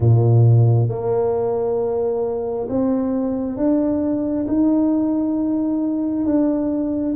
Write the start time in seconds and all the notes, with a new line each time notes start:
0.00 A#2
0.88 A#3
2.69 C4
3.56 D4
4.47 D#4
6.25 D4